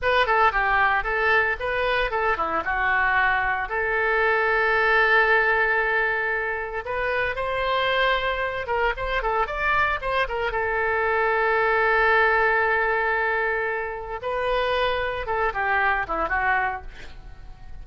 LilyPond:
\new Staff \with { instrumentName = "oboe" } { \time 4/4 \tempo 4 = 114 b'8 a'8 g'4 a'4 b'4 | a'8 e'8 fis'2 a'4~ | a'1~ | a'4 b'4 c''2~ |
c''8 ais'8 c''8 a'8 d''4 c''8 ais'8 | a'1~ | a'2. b'4~ | b'4 a'8 g'4 e'8 fis'4 | }